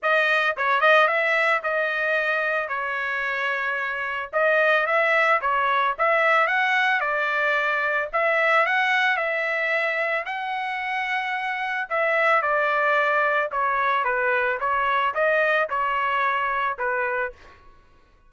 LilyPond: \new Staff \with { instrumentName = "trumpet" } { \time 4/4 \tempo 4 = 111 dis''4 cis''8 dis''8 e''4 dis''4~ | dis''4 cis''2. | dis''4 e''4 cis''4 e''4 | fis''4 d''2 e''4 |
fis''4 e''2 fis''4~ | fis''2 e''4 d''4~ | d''4 cis''4 b'4 cis''4 | dis''4 cis''2 b'4 | }